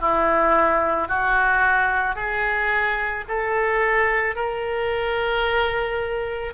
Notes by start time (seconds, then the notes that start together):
0.00 E4
1.08 F#4
2.15 G#4
3.28 A4
4.35 A#4